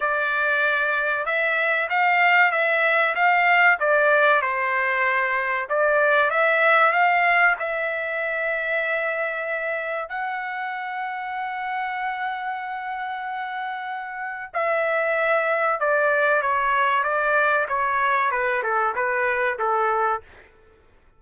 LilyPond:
\new Staff \with { instrumentName = "trumpet" } { \time 4/4 \tempo 4 = 95 d''2 e''4 f''4 | e''4 f''4 d''4 c''4~ | c''4 d''4 e''4 f''4 | e''1 |
fis''1~ | fis''2. e''4~ | e''4 d''4 cis''4 d''4 | cis''4 b'8 a'8 b'4 a'4 | }